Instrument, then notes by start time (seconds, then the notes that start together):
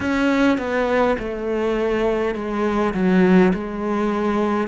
cello
0.00 C#4
0.58 B3
1.18 A3
2.34 G#3
2.94 F#3
3.53 G#3